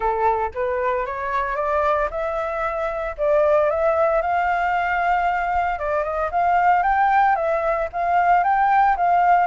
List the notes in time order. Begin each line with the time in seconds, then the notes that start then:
0.00 A4
0.54 B4
1.06 C#5
1.56 D5
2.10 E5
3.17 D5
3.70 E5
4.21 F5
5.78 D5
6.03 D#5
6.31 F5
6.83 G5
7.35 E5
7.93 F5
8.43 G5
8.96 F5